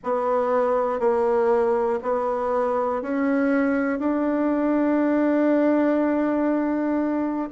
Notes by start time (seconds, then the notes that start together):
0.03 B3
0.99 A#3
2.02 B3
3.02 C#4
3.99 D4